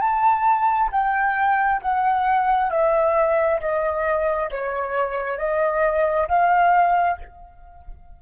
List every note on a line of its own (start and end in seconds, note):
0.00 0.90 A5
0.92 1.81 G5
1.82 2.71 F#5
2.71 3.60 E5
3.61 4.50 D#5
4.51 5.38 C#5
5.38 6.27 D#5
6.28 7.18 F5